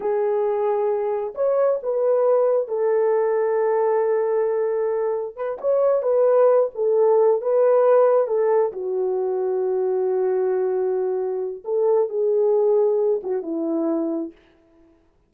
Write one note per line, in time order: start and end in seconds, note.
0.00 1.34 G#4
1.34 1.79 C#5
1.83 2.67 B4
2.67 5.35 A4
5.35 5.58 B4
5.60 6.02 C#5
6.02 6.69 B4
6.74 7.41 A4
7.41 8.27 B4
8.27 8.72 A4
8.72 11.63 F#4
11.64 12.09 A4
12.09 13.21 G#4
13.23 13.42 F#4
13.42 14.32 E4